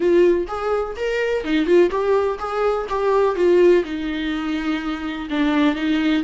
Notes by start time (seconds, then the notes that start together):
0.00 F4
0.47 G#4
0.96 A#4
1.44 D#4
1.66 F4
1.90 G4
2.38 G#4
2.89 G4
3.35 F4
3.84 D#4
5.30 D4
5.75 D#4